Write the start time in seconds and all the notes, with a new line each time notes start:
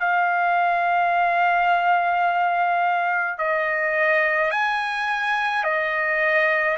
0.00 F5
3.39 D#5
4.51 G#5
5.64 D#5